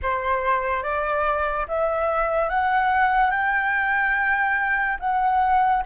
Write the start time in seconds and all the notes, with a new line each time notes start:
0.02 C5
0.83 D5
1.68 E5
2.49 F#5
3.30 G5
4.99 F#5